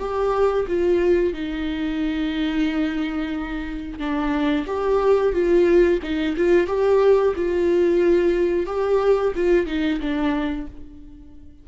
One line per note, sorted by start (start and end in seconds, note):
0.00 0.67 G4
0.68 1.34 F4
1.34 3.99 D#4
3.99 4.66 D4
4.67 5.33 G4
5.33 6.00 F4
6.03 6.36 D#4
6.37 6.68 F4
6.68 7.34 G4
7.36 8.67 F4
8.67 9.34 G4
9.36 9.67 F4
9.67 10.00 D#4
10.01 10.67 D4